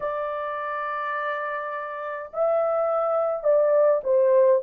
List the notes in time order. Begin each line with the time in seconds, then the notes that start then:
0.00 D5
2.33 E5
3.43 D5
4.03 C5